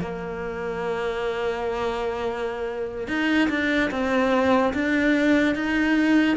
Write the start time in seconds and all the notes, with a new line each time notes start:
0.00 A#3
3.07 D#4
3.49 D4
3.91 C4
4.73 D4
5.55 D#4